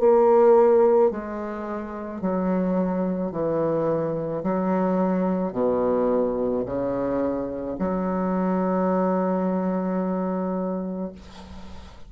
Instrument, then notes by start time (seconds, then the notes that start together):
bassoon
0.00 A#3
1.11 G#3
2.21 F#3
3.32 E3
4.43 F#3
5.53 B2
6.66 C#3
7.79 F#3